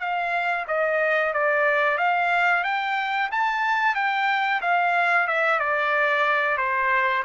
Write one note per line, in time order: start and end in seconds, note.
0.00 0.66 F5
0.68 1.33 D#5
1.33 1.98 D5
1.98 2.64 F5
2.64 3.30 G5
3.31 3.95 A5
3.95 4.61 G5
4.62 5.27 F5
5.27 5.60 E5
5.60 6.58 D5
6.58 7.23 C5